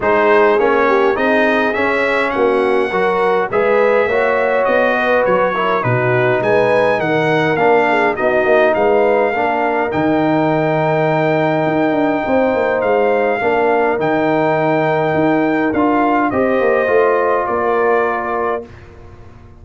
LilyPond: <<
  \new Staff \with { instrumentName = "trumpet" } { \time 4/4 \tempo 4 = 103 c''4 cis''4 dis''4 e''4 | fis''2 e''2 | dis''4 cis''4 b'4 gis''4 | fis''4 f''4 dis''4 f''4~ |
f''4 g''2.~ | g''2 f''2 | g''2. f''4 | dis''2 d''2 | }
  \new Staff \with { instrumentName = "horn" } { \time 4/4 gis'4. g'8 gis'2 | fis'4 ais'4 b'4 cis''4~ | cis''8 b'4 ais'8 fis'4 b'4 | ais'4. gis'8 fis'4 b'4 |
ais'1~ | ais'4 c''2 ais'4~ | ais'1 | c''2 ais'2 | }
  \new Staff \with { instrumentName = "trombone" } { \time 4/4 dis'4 cis'4 dis'4 cis'4~ | cis'4 fis'4 gis'4 fis'4~ | fis'4. e'8 dis'2~ | dis'4 d'4 dis'2 |
d'4 dis'2.~ | dis'2. d'4 | dis'2. f'4 | g'4 f'2. | }
  \new Staff \with { instrumentName = "tuba" } { \time 4/4 gis4 ais4 c'4 cis'4 | ais4 fis4 gis4 ais4 | b4 fis4 b,4 gis4 | dis4 ais4 b8 ais8 gis4 |
ais4 dis2. | dis'8 d'8 c'8 ais8 gis4 ais4 | dis2 dis'4 d'4 | c'8 ais8 a4 ais2 | }
>>